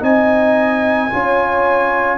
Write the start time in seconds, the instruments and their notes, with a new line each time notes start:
0.00 tuba C4, trombone D#4, horn D#5, trumpet G#5
1.10 tuba C#4, trombone F4, horn C#5